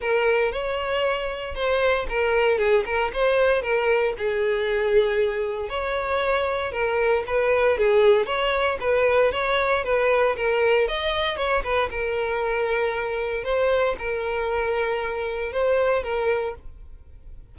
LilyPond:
\new Staff \with { instrumentName = "violin" } { \time 4/4 \tempo 4 = 116 ais'4 cis''2 c''4 | ais'4 gis'8 ais'8 c''4 ais'4 | gis'2. cis''4~ | cis''4 ais'4 b'4 gis'4 |
cis''4 b'4 cis''4 b'4 | ais'4 dis''4 cis''8 b'8 ais'4~ | ais'2 c''4 ais'4~ | ais'2 c''4 ais'4 | }